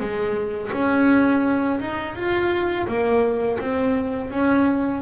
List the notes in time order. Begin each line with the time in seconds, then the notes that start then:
0.00 G#3
0.73 C#4
1.81 D#4
2.16 F4
2.88 A#3
3.60 C4
4.31 C#4